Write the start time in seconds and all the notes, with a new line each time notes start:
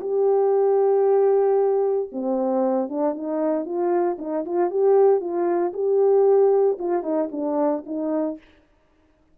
0.00 G4
2.12 C4
2.89 D4
3.14 D#4
3.65 F4
4.18 D#4
4.45 F4
4.70 G4
5.20 F4
5.73 G4
6.79 F4
7.03 D#4
7.31 D4
7.86 D#4